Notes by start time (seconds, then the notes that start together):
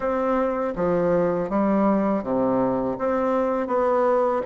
0.00 C4
0.75 F3
1.49 G3
2.23 C3
2.98 C4
3.67 B3